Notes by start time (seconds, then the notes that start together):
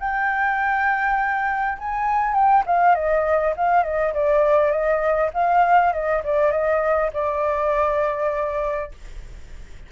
0.00 G5
1.79 G#5
2.34 G5
2.66 F5
2.95 D#5
3.57 F5
3.84 D#5
4.14 D5
4.71 D#5
5.34 F5
5.93 D#5
6.24 D5
6.52 D#5
7.14 D5